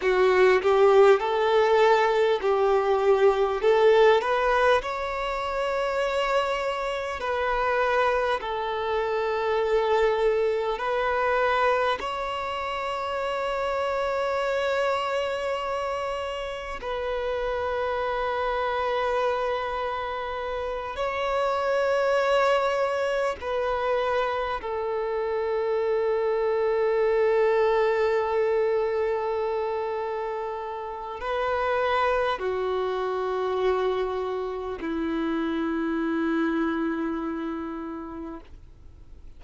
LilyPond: \new Staff \with { instrumentName = "violin" } { \time 4/4 \tempo 4 = 50 fis'8 g'8 a'4 g'4 a'8 b'8 | cis''2 b'4 a'4~ | a'4 b'4 cis''2~ | cis''2 b'2~ |
b'4. cis''2 b'8~ | b'8 a'2.~ a'8~ | a'2 b'4 fis'4~ | fis'4 e'2. | }